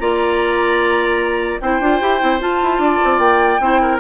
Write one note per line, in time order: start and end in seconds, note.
0.00 1.61 A#3
0.00 1.61 F4
0.00 1.61 D5
0.00 1.60 A#5
1.61 1.80 C4
1.61 1.82 E4
1.61 2.83 C5
1.61 2.41 G5
1.80 2.00 D4
1.80 2.01 F4
2.01 2.21 E4
2.01 2.20 G4
2.20 2.41 C4
2.20 2.40 E4
2.41 3.61 F4
2.41 2.61 F4
2.41 3.19 A5
2.63 2.79 E4
2.79 2.99 D4
2.79 3.61 D5
3.04 3.19 C4
3.19 3.59 A#3
3.19 3.99 G5
3.60 4.00 C4
3.60 4.00 E4
3.60 3.81 C5
3.82 4.00 A#4